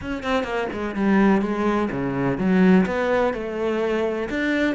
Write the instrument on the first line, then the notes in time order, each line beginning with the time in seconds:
cello
0.01 C#4
0.23 C4
0.43 A#3
0.72 G#3
0.95 G3
1.41 G#3
1.90 C#3
2.38 F#3
2.86 B3
3.33 A3
4.29 D4